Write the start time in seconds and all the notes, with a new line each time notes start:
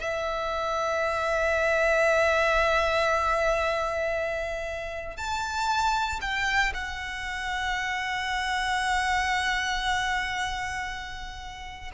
0.00 E5
5.17 A5
6.21 G5
6.74 F#5